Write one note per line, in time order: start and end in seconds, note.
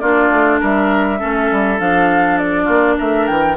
0.00 0.30 A#3
0.00 1.19 D4
0.00 0.61 F4
0.00 0.59 D5
0.30 0.60 A3
0.61 1.22 G3
0.61 1.20 A#4
0.61 1.80 E5
1.19 1.52 A3
1.19 1.78 C#4
1.19 2.64 A4
1.52 1.80 G3
1.79 2.68 F3
1.79 3.57 D4
1.79 2.38 F5
2.38 2.98 D5
2.64 2.98 A#3
2.64 2.94 F4
2.99 3.29 A3
2.99 3.57 A#4
2.99 3.27 E5
3.27 3.57 E3
3.27 3.57 G5